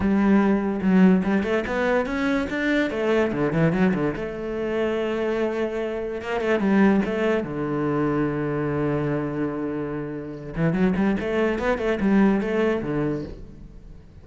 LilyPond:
\new Staff \with { instrumentName = "cello" } { \time 4/4 \tempo 4 = 145 g2 fis4 g8 a8 | b4 cis'4 d'4 a4 | d8 e8 fis8 d8 a2~ | a2. ais8 a8 |
g4 a4 d2~ | d1~ | d4. e8 fis8 g8 a4 | b8 a8 g4 a4 d4 | }